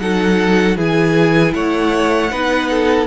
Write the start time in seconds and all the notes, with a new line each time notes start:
0.00 F#3 D#4 A4 F#5
0.77 E3 E4 G#4 G#5
1.54 A3 C#5 F#5
2.32 B3 D#4 B4
2.71 A4